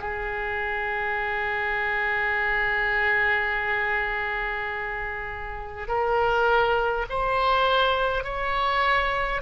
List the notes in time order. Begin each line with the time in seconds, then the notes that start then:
0.00 G#4
5.88 A#4
7.10 C5
8.24 C#5